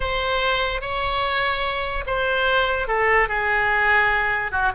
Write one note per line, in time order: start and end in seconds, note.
0.00 0.81 C5
0.81 2.04 C#5
2.06 2.87 C5
2.87 3.28 A4
3.28 4.51 G#4
4.51 4.72 F#4